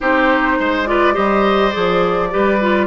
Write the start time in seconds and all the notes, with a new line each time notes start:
0.00 C4 D#4 G4 C5
0.59 G#3 C5
0.86 F4 B4 D5
1.13 G3 G4 C5 D#5
1.71 F3 G#4 D5
2.30 G3 G4 B4
2.60 F4